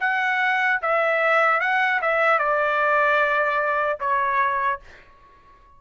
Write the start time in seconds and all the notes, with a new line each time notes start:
0.00 F#5
0.82 E5
1.60 F#5
2.01 E5
2.39 D5
4.00 C#5